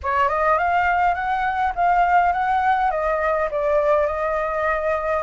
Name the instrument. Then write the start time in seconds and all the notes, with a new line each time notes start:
flute
0.02 C#5
0.29 D#5
0.57 F5
1.14 F#5
1.75 F5
2.32 F#5
2.90 D#5
3.50 D5
4.06 D#5